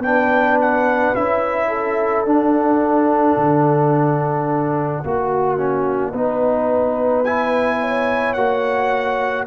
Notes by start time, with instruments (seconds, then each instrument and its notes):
0.00 tuba B3, trombone D4, horn B4, trumpet G5
0.61 trumpet F#5
1.15 tuba C#4, trombone E4, trumpet E5
1.68 horn A4
2.25 tuba D4, trombone D4, trumpet F#5
3.37 tuba D3
5.04 tuba A#3, trombone F#4, horn F#4
5.58 trombone C#4
6.12 tuba B3, trombone D#4, horn B4
7.24 trombone E4, trumpet G#5
7.80 horn C#5
8.33 tuba A#3, trombone F#4, trumpet F#5